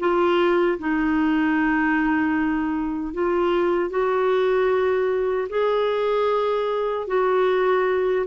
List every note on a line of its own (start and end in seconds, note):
0.00 0.79 F4
0.79 3.14 D#4
3.14 3.90 F4
3.90 5.48 F#4
5.50 7.08 G#4
7.08 8.26 F#4